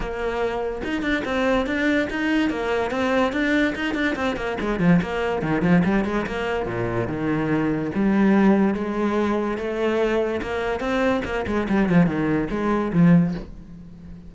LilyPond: \new Staff \with { instrumentName = "cello" } { \time 4/4 \tempo 4 = 144 ais2 dis'8 d'8 c'4 | d'4 dis'4 ais4 c'4 | d'4 dis'8 d'8 c'8 ais8 gis8 f8 | ais4 dis8 f8 g8 gis8 ais4 |
ais,4 dis2 g4~ | g4 gis2 a4~ | a4 ais4 c'4 ais8 gis8 | g8 f8 dis4 gis4 f4 | }